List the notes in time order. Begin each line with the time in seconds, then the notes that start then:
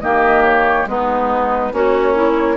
0.00 D#3 A#3 G4 D#5
0.44 C#5
0.86 G#3 B3 D#4 B4
1.72 A#3 C#4 F#4 C#5
2.14 E4